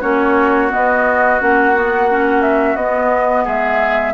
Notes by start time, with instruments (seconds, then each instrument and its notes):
0.00 bassoon A#3, clarinet C#4, oboe F#4, flute C#5
0.70 clarinet B3, bassoon B3, flute D#5
1.40 bassoon A#3, clarinet C#4, flute F#5
1.75 clarinet B3
2.10 clarinet C#4
2.42 flute E5
2.76 bassoon B3, clarinet B3, flute D#5
3.44 bassoon G#3, oboe G#4, flute E5